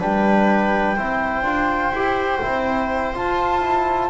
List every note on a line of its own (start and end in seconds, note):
0.00 0.98 G3
0.00 0.97 D4
0.00 0.97 B4
0.00 3.16 G5
0.97 1.43 C4
0.97 1.45 E4
0.97 4.10 C5
1.43 1.91 D4
1.43 1.93 F4
1.92 2.40 E4
1.92 2.42 G4
2.42 3.15 C4
2.42 3.15 E4
3.15 3.62 F4
3.15 4.10 F4
3.15 4.10 A5
3.62 4.10 E4